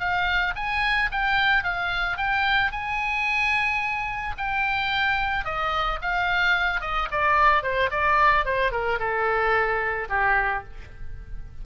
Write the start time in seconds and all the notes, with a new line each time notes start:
0.00 F5
0.56 G#5
1.12 G5
1.64 F5
2.17 G5
2.72 G#5
4.38 G5
5.45 D#5
6.02 F5
6.81 D#5
7.12 D5
7.63 C5
7.91 D5
8.45 C5
8.72 A#4
8.99 A4
10.09 G4